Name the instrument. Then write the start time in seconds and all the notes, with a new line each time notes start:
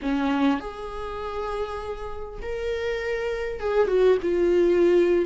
viola
0.02 C#4
0.60 G#4
2.42 A#4
3.60 G#4
3.87 F#4
4.22 F4